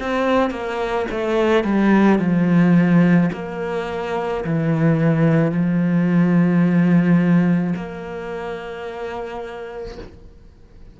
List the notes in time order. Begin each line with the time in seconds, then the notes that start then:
0.00 C4
0.51 A#3
1.11 A3
1.64 G3
2.19 F3
3.33 A#3
4.44 E3
5.52 F3
7.76 A#3